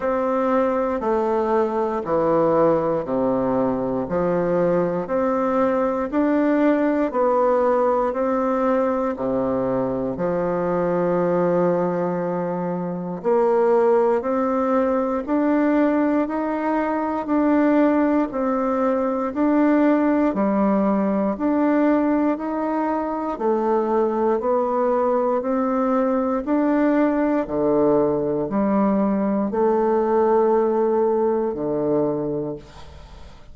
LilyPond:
\new Staff \with { instrumentName = "bassoon" } { \time 4/4 \tempo 4 = 59 c'4 a4 e4 c4 | f4 c'4 d'4 b4 | c'4 c4 f2~ | f4 ais4 c'4 d'4 |
dis'4 d'4 c'4 d'4 | g4 d'4 dis'4 a4 | b4 c'4 d'4 d4 | g4 a2 d4 | }